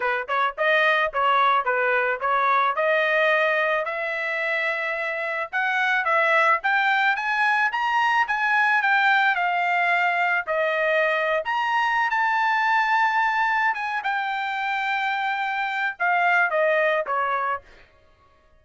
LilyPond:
\new Staff \with { instrumentName = "trumpet" } { \time 4/4 \tempo 4 = 109 b'8 cis''8 dis''4 cis''4 b'4 | cis''4 dis''2 e''4~ | e''2 fis''4 e''4 | g''4 gis''4 ais''4 gis''4 |
g''4 f''2 dis''4~ | dis''8. ais''4~ ais''16 a''2~ | a''4 gis''8 g''2~ g''8~ | g''4 f''4 dis''4 cis''4 | }